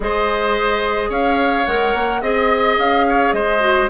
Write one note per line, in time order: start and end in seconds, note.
0.00 1.09 G#3
0.00 1.66 G#4
0.00 1.09 C5
0.00 1.11 D#5
1.09 1.65 C#4
1.09 2.20 C#5
1.09 1.66 F5
1.66 1.94 G#3
1.66 2.21 A#4
1.66 2.21 F#5
1.94 2.22 A#3
2.21 2.77 C4
2.21 3.60 G#4
2.21 2.76 D#5
2.21 3.06 D#5
2.78 3.32 C#4
2.78 3.33 F5
3.08 3.34 C#5
3.32 3.88 G#3
3.32 3.90 C5
3.32 3.88 D#5
3.60 3.87 F#4